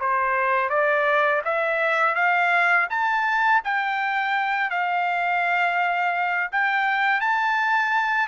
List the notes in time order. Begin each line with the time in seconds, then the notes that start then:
0.00 C5
0.70 D5
1.45 E5
2.15 F5
2.90 A5
3.65 G5
4.70 F5
6.52 G5
7.21 A5